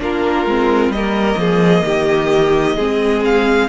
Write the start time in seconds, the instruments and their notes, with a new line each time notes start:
0.00 cello A#3, viola D4, violin F4 A#4
0.46 cello G#3, viola C4
0.89 cello G3, violin D#5
0.96 viola A#3, violin A#4
1.37 cello F3, violin G#4
1.85 cello D#3, violin G4
2.76 cello G#3, viola C4, violin G#4
3.25 violin F5